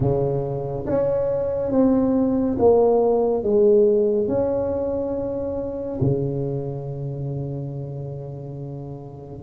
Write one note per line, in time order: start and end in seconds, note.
0.00 0.86 C#3
0.86 1.71 C#4
1.71 2.57 C4
2.58 3.43 A#3
3.43 4.27 G#3
4.27 5.99 C#4
6.00 9.42 C#3